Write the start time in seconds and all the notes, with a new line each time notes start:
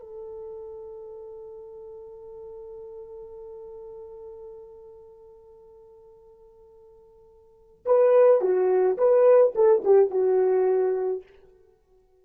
0.00 A4
7.86 B4
8.41 F#4
8.98 B4
9.56 A4
9.85 G4
10.11 F#4